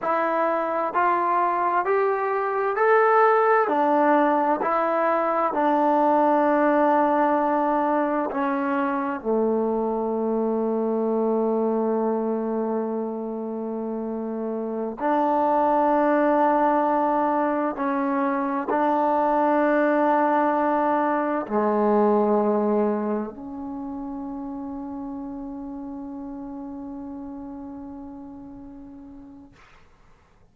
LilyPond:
\new Staff \with { instrumentName = "trombone" } { \time 4/4 \tempo 4 = 65 e'4 f'4 g'4 a'4 | d'4 e'4 d'2~ | d'4 cis'4 a2~ | a1~ |
a16 d'2. cis'8.~ | cis'16 d'2. gis8.~ | gis4~ gis16 cis'2~ cis'8.~ | cis'1 | }